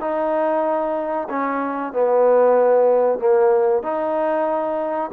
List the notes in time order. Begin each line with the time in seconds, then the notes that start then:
0.00 D#4
1.29 C#4
1.93 B3
3.19 A#3
3.83 D#4